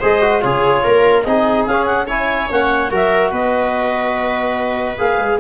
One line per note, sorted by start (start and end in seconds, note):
0.00 0.44 G#3
0.00 0.21 G#4
0.00 0.41 C5
0.00 0.43 D#5
0.21 0.41 F#4
0.41 0.85 C#3
0.41 1.24 F4
0.41 0.84 G#4
0.41 1.23 C#5
0.84 1.26 A#3
0.84 1.25 A#4
1.23 1.67 C4
1.23 1.69 D#4
1.23 2.07 G#4
1.23 1.65 D#5
1.67 2.49 C#4
1.67 2.08 C#4
1.67 1.86 F5
1.86 2.06 F#5
2.07 2.49 E4
2.07 2.90 C#5
2.07 2.50 G#5
2.49 2.91 A#3
2.49 2.90 C#4
2.49 2.93 F#5
2.90 3.32 F#3
2.90 4.97 F#4
2.90 3.31 A#4
2.90 3.33 E5
3.31 4.97 B3
3.31 5.38 B4
3.31 4.98 D#5
4.98 5.18 A#3
4.98 5.39 G#4
4.98 5.39 F5
5.18 5.39 G#3